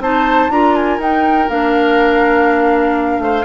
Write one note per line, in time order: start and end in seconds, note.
0.00 0.49 C4
0.00 0.51 D#4
0.00 0.52 C5
0.00 0.51 A5
0.49 0.99 D4
0.49 1.00 F4
0.49 3.23 A#4
0.49 0.75 A#5
0.75 1.00 G#5
0.99 1.48 D#4
0.99 1.49 D#4
0.99 1.49 G5
1.49 3.19 A#3
1.49 3.45 D4
1.49 3.45 F5
3.19 3.43 A3
3.19 3.45 C5